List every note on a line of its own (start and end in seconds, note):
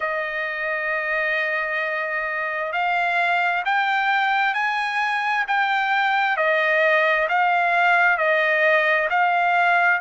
0.00 2.72 D#5
2.72 3.63 F5
3.65 4.53 G5
4.53 5.44 G#5
5.47 6.36 G5
6.36 7.27 D#5
7.29 8.17 F5
8.17 9.08 D#5
9.10 10.00 F5